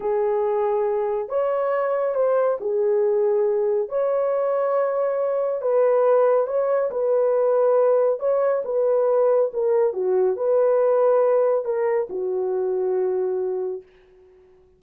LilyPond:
\new Staff \with { instrumentName = "horn" } { \time 4/4 \tempo 4 = 139 gis'2. cis''4~ | cis''4 c''4 gis'2~ | gis'4 cis''2.~ | cis''4 b'2 cis''4 |
b'2. cis''4 | b'2 ais'4 fis'4 | b'2. ais'4 | fis'1 | }